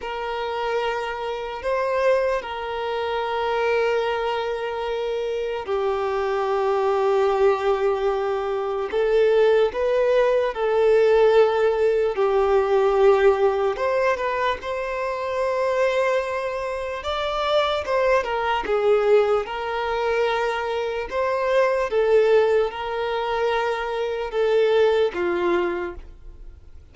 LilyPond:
\new Staff \with { instrumentName = "violin" } { \time 4/4 \tempo 4 = 74 ais'2 c''4 ais'4~ | ais'2. g'4~ | g'2. a'4 | b'4 a'2 g'4~ |
g'4 c''8 b'8 c''2~ | c''4 d''4 c''8 ais'8 gis'4 | ais'2 c''4 a'4 | ais'2 a'4 f'4 | }